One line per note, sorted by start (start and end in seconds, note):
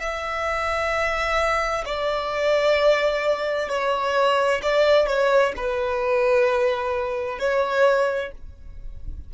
0.00 1.85 E5
1.85 3.69 D5
3.69 4.61 C#5
4.62 5.07 D5
5.07 5.53 C#5
5.57 7.39 B4
7.39 8.32 C#5